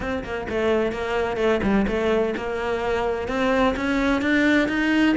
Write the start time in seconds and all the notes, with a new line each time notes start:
0.00 C4
0.23 A#3
0.49 A3
0.91 A#3
1.37 A3
1.62 G3
1.87 A3
2.36 A#3
3.27 C4
3.76 C#4
4.21 D4
4.68 D#4